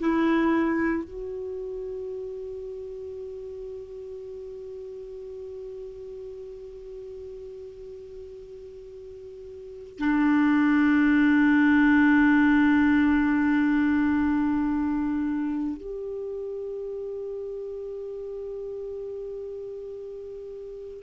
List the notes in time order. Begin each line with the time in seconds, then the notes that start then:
0.00 E4
1.05 F#4
9.99 D4
15.78 G4